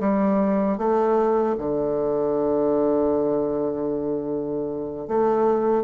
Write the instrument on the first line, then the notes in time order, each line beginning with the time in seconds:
bassoon
0.00 G3
0.78 A3
1.58 D3
5.08 A3